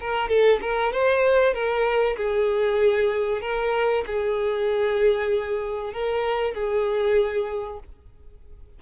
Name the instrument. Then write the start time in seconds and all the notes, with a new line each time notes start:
violin
0.00 A#4
0.28 A4
0.61 A#4
0.92 C5
1.53 A#4
2.16 G#4
3.41 A#4
4.06 G#4
5.93 A#4
6.54 G#4